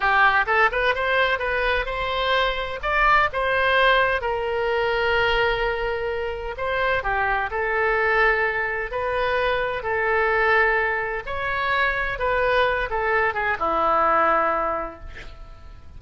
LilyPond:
\new Staff \with { instrumentName = "oboe" } { \time 4/4 \tempo 4 = 128 g'4 a'8 b'8 c''4 b'4 | c''2 d''4 c''4~ | c''4 ais'2.~ | ais'2 c''4 g'4 |
a'2. b'4~ | b'4 a'2. | cis''2 b'4. a'8~ | a'8 gis'8 e'2. | }